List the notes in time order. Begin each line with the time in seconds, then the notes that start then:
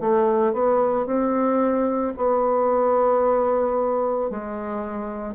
0.00 A3
0.53 B3
1.06 C4
2.16 B3
4.30 G#3